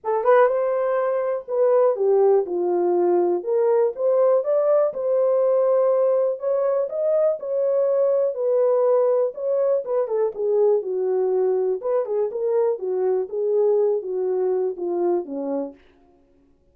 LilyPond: \new Staff \with { instrumentName = "horn" } { \time 4/4 \tempo 4 = 122 a'8 b'8 c''2 b'4 | g'4 f'2 ais'4 | c''4 d''4 c''2~ | c''4 cis''4 dis''4 cis''4~ |
cis''4 b'2 cis''4 | b'8 a'8 gis'4 fis'2 | b'8 gis'8 ais'4 fis'4 gis'4~ | gis'8 fis'4. f'4 cis'4 | }